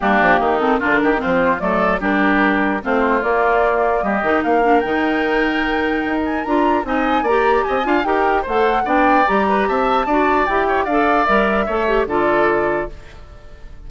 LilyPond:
<<
  \new Staff \with { instrumentName = "flute" } { \time 4/4 \tempo 4 = 149 g'4. a'8 ais'4 c''4 | d''4 ais'2 c''4 | d''2 dis''4 f''4 | g''2.~ g''8 gis''8 |
ais''4 gis''4 ais''4 gis''4 | g''4 fis''4 g''4 ais''4 | a''2 g''4 f''4 | e''2 d''2 | }
  \new Staff \with { instrumentName = "oboe" } { \time 4/4 d'4 dis'4 f'8 g'8 f'4 | a'4 g'2 f'4~ | f'2 g'4 ais'4~ | ais'1~ |
ais'4 dis''4 d''4 dis''8 f''8 | ais'4 c''4 d''4. b'8 | e''4 d''4. cis''8 d''4~ | d''4 cis''4 a'2 | }
  \new Staff \with { instrumentName = "clarinet" } { \time 4/4 ais4. c'8 d'4 c'4 | a4 d'2 c'4 | ais2~ ais8 dis'4 d'8 | dis'1 |
f'4 dis'4 g'4. f'8 | g'4 a'4 d'4 g'4~ | g'4 fis'4 g'4 a'4 | ais'4 a'8 g'8 f'2 | }
  \new Staff \with { instrumentName = "bassoon" } { \time 4/4 g8 f8 dis4 d8 dis8 f4 | fis4 g2 a4 | ais2 g8 dis8 ais4 | dis2. dis'4 |
d'4 c'4 ais4 c'8 d'8 | dis'4 a4 b4 g4 | c'4 d'4 e'4 d'4 | g4 a4 d2 | }
>>